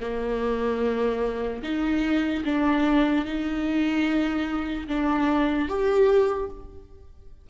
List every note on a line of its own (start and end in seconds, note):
0.00 1.62 A#3
1.63 2.44 D#4
2.44 3.25 D4
3.25 4.87 D#4
4.87 5.68 D4
5.68 6.49 G4